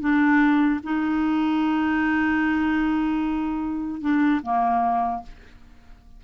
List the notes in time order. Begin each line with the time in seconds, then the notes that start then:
0.00 D4
0.83 D#4
4.01 D4
4.42 A#3